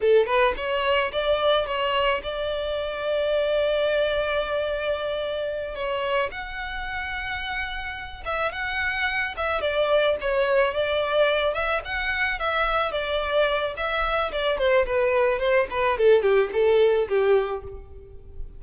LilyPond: \new Staff \with { instrumentName = "violin" } { \time 4/4 \tempo 4 = 109 a'8 b'8 cis''4 d''4 cis''4 | d''1~ | d''2~ d''8 cis''4 fis''8~ | fis''2. e''8 fis''8~ |
fis''4 e''8 d''4 cis''4 d''8~ | d''4 e''8 fis''4 e''4 d''8~ | d''4 e''4 d''8 c''8 b'4 | c''8 b'8 a'8 g'8 a'4 g'4 | }